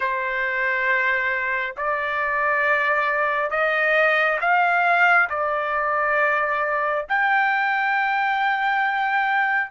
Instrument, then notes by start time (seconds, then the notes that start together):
trumpet
0.00 C5
1.76 D5
3.50 D#5
4.40 F5
5.29 D5
7.08 G5